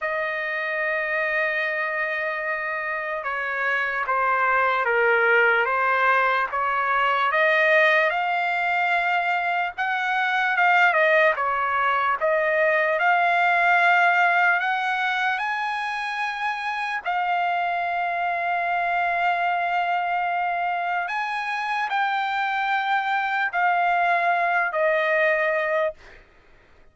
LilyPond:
\new Staff \with { instrumentName = "trumpet" } { \time 4/4 \tempo 4 = 74 dis''1 | cis''4 c''4 ais'4 c''4 | cis''4 dis''4 f''2 | fis''4 f''8 dis''8 cis''4 dis''4 |
f''2 fis''4 gis''4~ | gis''4 f''2.~ | f''2 gis''4 g''4~ | g''4 f''4. dis''4. | }